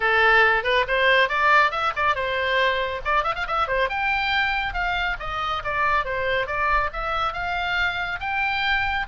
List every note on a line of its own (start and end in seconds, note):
0.00 0.63 A4
0.63 0.85 B4
0.87 1.28 C5
1.28 1.71 D5
1.71 1.92 E5
1.96 2.15 D5
2.15 3.01 C5
3.04 3.23 D5
3.23 3.34 E5
3.35 3.46 F5
3.47 3.67 E5
3.67 3.89 C5
3.89 4.73 G5
4.73 5.16 F5
5.19 5.62 D#5
5.64 6.04 D5
6.04 6.46 C5
6.46 6.90 D5
6.92 7.33 E5
7.33 8.19 F5
8.20 9.06 G5